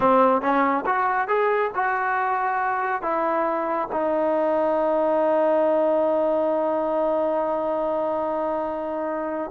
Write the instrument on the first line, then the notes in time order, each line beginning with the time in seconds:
trombone
0.00 C4
0.41 C#4
0.86 F#4
1.28 G#4
1.74 F#4
3.02 E4
3.92 D#4